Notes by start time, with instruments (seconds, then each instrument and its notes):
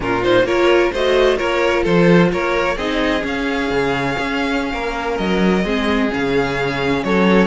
0.00 cello A#2, viola C#4, violin F4 A#4
0.24 viola D#4, violin C5
0.44 cello A#3, viola F4, violin A#4 C#5
0.92 cello A3, viola F#4, violin C5 D#5
1.37 cello A#3, viola F4, violin A#4 C#5
1.83 cello F3, violin A4 C5
2.32 cello A#3, violin A#4 C#5
2.76 cello C4, viola D#4, violin G#4 D#5
3.19 viola C#4, cello C#4
3.27 violin F5
3.70 cello C#3
4.18 cello C#4
4.73 cello A#3, violin A#4
5.17 cello F#3, violin D#5
5.64 cello G#3, viola C4, violin G#4
6.10 cello C#3, viola C#4, violin F5
7.03 cello F#3, violin A4 C#5